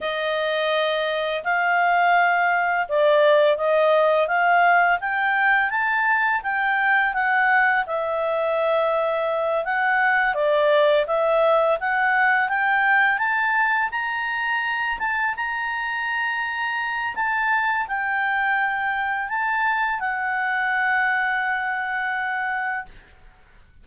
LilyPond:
\new Staff \with { instrumentName = "clarinet" } { \time 4/4 \tempo 4 = 84 dis''2 f''2 | d''4 dis''4 f''4 g''4 | a''4 g''4 fis''4 e''4~ | e''4. fis''4 d''4 e''8~ |
e''8 fis''4 g''4 a''4 ais''8~ | ais''4 a''8 ais''2~ ais''8 | a''4 g''2 a''4 | fis''1 | }